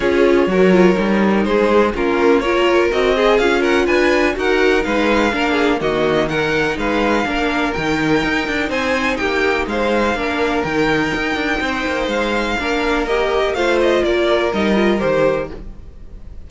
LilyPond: <<
  \new Staff \with { instrumentName = "violin" } { \time 4/4 \tempo 4 = 124 cis''2. c''4 | ais'4 cis''4 dis''4 f''8 fis''8 | gis''4 fis''4 f''2 | dis''4 fis''4 f''2 |
g''2 gis''4 g''4 | f''2 g''2~ | g''4 f''2 dis''4 | f''8 dis''8 d''4 dis''4 c''4 | }
  \new Staff \with { instrumentName = "violin" } { \time 4/4 gis'4 ais'2 gis'4 | f'4 ais'4. gis'4 ais'8 | b'4 ais'4 b'4 ais'8 gis'8 | fis'4 ais'4 b'4 ais'4~ |
ais'2 c''4 g'4 | c''4 ais'2. | c''2 ais'2 | c''4 ais'2. | }
  \new Staff \with { instrumentName = "viola" } { \time 4/4 f'4 fis'8 f'8 dis'2 | cis'4 f'4 fis'8 gis'8 f'4~ | f'4 fis'4 dis'4 d'4 | ais4 dis'2 d'4 |
dis'1~ | dis'4 d'4 dis'2~ | dis'2 d'4 g'4 | f'2 dis'8 f'8 g'4 | }
  \new Staff \with { instrumentName = "cello" } { \time 4/4 cis'4 fis4 g4 gis4 | ais2 c'4 cis'4 | d'4 dis'4 gis4 ais4 | dis2 gis4 ais4 |
dis4 dis'8 d'8 c'4 ais4 | gis4 ais4 dis4 dis'8 d'8 | c'8 ais8 gis4 ais2 | a4 ais4 g4 dis4 | }
>>